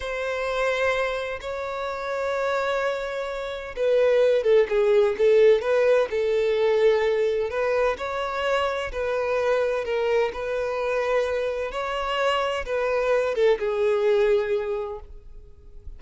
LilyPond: \new Staff \with { instrumentName = "violin" } { \time 4/4 \tempo 4 = 128 c''2. cis''4~ | cis''1 | b'4. a'8 gis'4 a'4 | b'4 a'2. |
b'4 cis''2 b'4~ | b'4 ais'4 b'2~ | b'4 cis''2 b'4~ | b'8 a'8 gis'2. | }